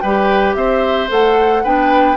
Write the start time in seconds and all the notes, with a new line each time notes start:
0.00 G3 G4 B4 G5
0.54 C4 C5 E5
1.08 A3 A4 F#5
1.63 B3 D4 B4 G5